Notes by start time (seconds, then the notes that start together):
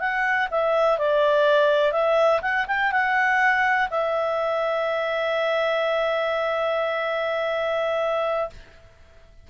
0.00 F#5
0.51 E5
0.99 D5
1.93 E5
2.42 F#5
2.68 G5
2.92 F#5
3.91 E5